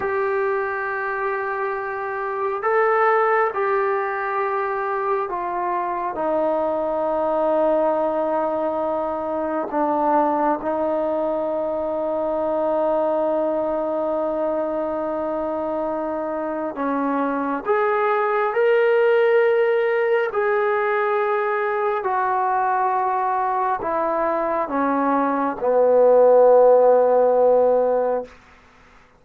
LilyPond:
\new Staff \with { instrumentName = "trombone" } { \time 4/4 \tempo 4 = 68 g'2. a'4 | g'2 f'4 dis'4~ | dis'2. d'4 | dis'1~ |
dis'2. cis'4 | gis'4 ais'2 gis'4~ | gis'4 fis'2 e'4 | cis'4 b2. | }